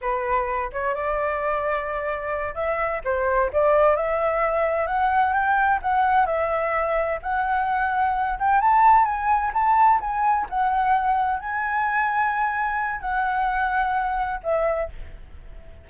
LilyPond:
\new Staff \with { instrumentName = "flute" } { \time 4/4 \tempo 4 = 129 b'4. cis''8 d''2~ | d''4. e''4 c''4 d''8~ | d''8 e''2 fis''4 g''8~ | g''8 fis''4 e''2 fis''8~ |
fis''2 g''8 a''4 gis''8~ | gis''8 a''4 gis''4 fis''4.~ | fis''8 gis''2.~ gis''8 | fis''2. e''4 | }